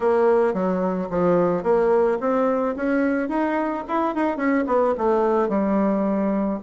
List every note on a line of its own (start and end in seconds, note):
0.00 0.53 A#3
0.53 1.08 F#3
1.10 1.63 F3
1.63 2.18 A#3
2.20 2.75 C4
2.75 3.28 C#4
3.28 3.83 D#4
3.88 4.14 E4
4.14 4.36 D#4
4.36 4.64 C#4
4.66 4.94 B3
4.97 5.48 A3
5.48 6.59 G3